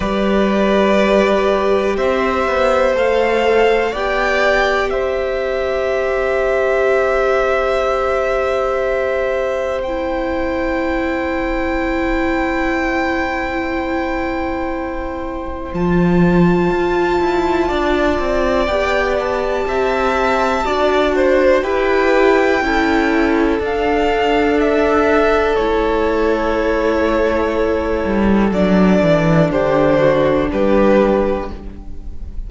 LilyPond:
<<
  \new Staff \with { instrumentName = "violin" } { \time 4/4 \tempo 4 = 61 d''2 e''4 f''4 | g''4 e''2.~ | e''2 g''2~ | g''1 |
a''2. g''8 a''8~ | a''2 g''2 | f''4 e''4 cis''2~ | cis''4 d''4 c''4 b'4 | }
  \new Staff \with { instrumentName = "violin" } { \time 4/4 b'2 c''2 | d''4 c''2.~ | c''1~ | c''1~ |
c''2 d''2 | e''4 d''8 c''8 b'4 a'4~ | a'1~ | a'2 g'8 fis'8 g'4 | }
  \new Staff \with { instrumentName = "viola" } { \time 4/4 g'2. a'4 | g'1~ | g'2 e'2~ | e'1 |
f'2. g'4~ | g'4 fis'4 g'4 e'4 | d'2 e'2~ | e'4 d'2. | }
  \new Staff \with { instrumentName = "cello" } { \time 4/4 g2 c'8 b8 a4 | b4 c'2.~ | c'1~ | c'1 |
f4 f'8 e'8 d'8 c'8 b4 | c'4 d'4 e'4 cis'4 | d'2 a2~ | a8 g8 fis8 e8 d4 g4 | }
>>